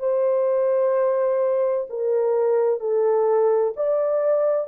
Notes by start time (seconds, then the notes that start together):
0.00 C5
1.90 A#4
2.80 A4
3.77 D5